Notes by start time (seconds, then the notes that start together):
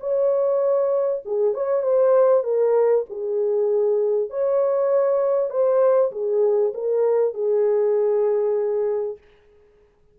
0.00 C#5
1.26 G#4
1.54 C#5
1.83 C5
2.44 A#4
3.10 G#4
4.30 C#5
5.50 C5
6.12 G#4
6.74 A#4
7.34 G#4